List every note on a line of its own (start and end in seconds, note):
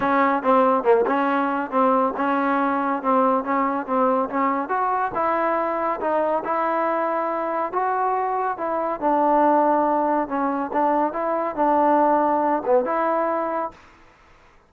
0.00 0.42 C#4
0.42 0.83 C4
0.83 1.05 A#3
1.06 1.70 C#4
1.70 2.13 C4
2.16 3.02 C#4
3.02 3.44 C4
3.44 3.86 C#4
3.86 4.29 C4
4.29 4.69 C#4
4.69 5.11 F#4
5.14 6.00 E4
6.00 6.43 D#4
6.44 7.72 E4
7.72 8.57 F#4
8.57 9.00 E4
9.00 10.27 D4
10.27 10.70 C#4
10.73 11.12 D4
11.12 11.55 E4
11.55 12.62 D4
12.65 12.85 B3
12.85 13.71 E4